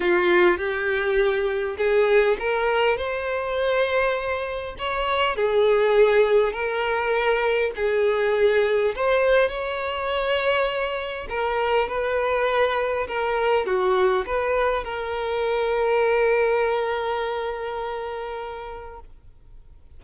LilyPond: \new Staff \with { instrumentName = "violin" } { \time 4/4 \tempo 4 = 101 f'4 g'2 gis'4 | ais'4 c''2. | cis''4 gis'2 ais'4~ | ais'4 gis'2 c''4 |
cis''2. ais'4 | b'2 ais'4 fis'4 | b'4 ais'2.~ | ais'1 | }